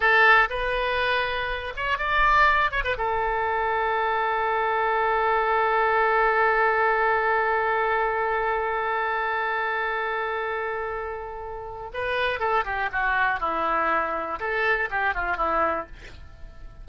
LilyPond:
\new Staff \with { instrumentName = "oboe" } { \time 4/4 \tempo 4 = 121 a'4 b'2~ b'8 cis''8 | d''4. cis''16 b'16 a'2~ | a'1~ | a'1~ |
a'1~ | a'1 | b'4 a'8 g'8 fis'4 e'4~ | e'4 a'4 g'8 f'8 e'4 | }